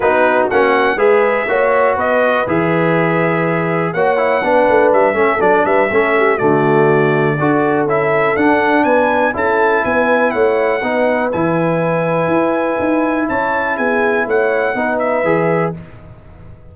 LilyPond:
<<
  \new Staff \with { instrumentName = "trumpet" } { \time 4/4 \tempo 4 = 122 b'4 fis''4 e''2 | dis''4 e''2. | fis''2 e''4 d''8 e''8~ | e''4 d''2. |
e''4 fis''4 gis''4 a''4 | gis''4 fis''2 gis''4~ | gis''2. a''4 | gis''4 fis''4. e''4. | }
  \new Staff \with { instrumentName = "horn" } { \time 4/4 fis'2 b'4 cis''4 | b'1 | cis''4 b'4. a'4 b'8 | a'8 g'8 fis'2 a'4~ |
a'2 b'4 a'4 | b'4 cis''4 b'2~ | b'2. cis''4 | gis'4 cis''4 b'2 | }
  \new Staff \with { instrumentName = "trombone" } { \time 4/4 dis'4 cis'4 gis'4 fis'4~ | fis'4 gis'2. | fis'8 e'8 d'4. cis'8 d'4 | cis'4 a2 fis'4 |
e'4 d'2 e'4~ | e'2 dis'4 e'4~ | e'1~ | e'2 dis'4 gis'4 | }
  \new Staff \with { instrumentName = "tuba" } { \time 4/4 b4 ais4 gis4 ais4 | b4 e2. | ais4 b8 a8 g8 a8 fis8 g8 | a4 d2 d'4 |
cis'4 d'4 b4 cis'4 | b4 a4 b4 e4~ | e4 e'4 dis'4 cis'4 | b4 a4 b4 e4 | }
>>